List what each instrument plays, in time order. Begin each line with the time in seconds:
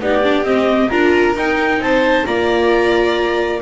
0.00 double bass B3, viola D#4, violin G4, clarinet D5
0.23 viola D4
0.43 double bass C4, viola C4, clarinet D#5
0.90 double bass D4, viola F4, violin A#4, clarinet A#5
1.35 double bass D#4, viola D#4, clarinet G5
1.79 double bass C4, violin C5, clarinet A5
2.25 double bass A#3, viola F4, violin D5, clarinet A#5